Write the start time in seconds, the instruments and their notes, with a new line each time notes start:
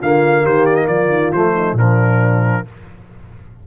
0.00 tuba D3, trombone A#3, horn F4, trumpet F5
0.43 tuba D#3, horn G4, trumpet C5
0.66 trumpet D5
0.76 trumpet D#5
0.87 tuba F3, horn F4, trumpet D5
1.09 tuba D#3
1.33 tuba F3, trombone A3, trumpet C5
1.55 horn D#4
1.73 tuba A#2, trombone F3, horn D4, trumpet A#4